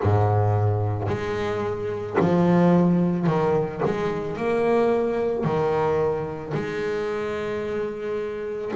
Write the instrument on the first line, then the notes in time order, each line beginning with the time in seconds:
double bass
0.02 G#2
1.08 G#3
2.19 F3
3.27 D#3
3.85 G#3
4.36 A#3
5.44 D#3
6.54 G#3